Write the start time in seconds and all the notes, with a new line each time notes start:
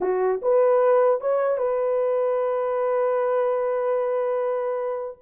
0.00 F#4
0.42 B4
1.21 C#5
1.57 B4